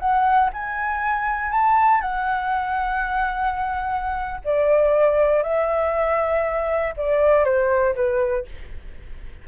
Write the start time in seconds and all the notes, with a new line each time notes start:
0.00 F#5
0.54 G#5
1.52 A5
2.02 F#5
4.45 D5
5.43 E5
6.98 D5
7.45 C5
7.95 B4